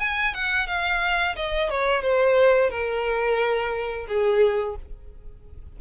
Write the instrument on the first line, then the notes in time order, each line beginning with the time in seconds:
violin
0.00 G#5
0.34 F#5
0.67 F5
1.36 D#5
1.70 C#5
2.02 C5
2.70 A#4
4.08 G#4